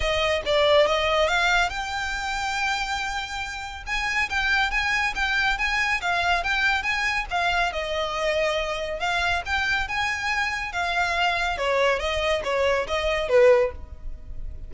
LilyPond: \new Staff \with { instrumentName = "violin" } { \time 4/4 \tempo 4 = 140 dis''4 d''4 dis''4 f''4 | g''1~ | g''4 gis''4 g''4 gis''4 | g''4 gis''4 f''4 g''4 |
gis''4 f''4 dis''2~ | dis''4 f''4 g''4 gis''4~ | gis''4 f''2 cis''4 | dis''4 cis''4 dis''4 b'4 | }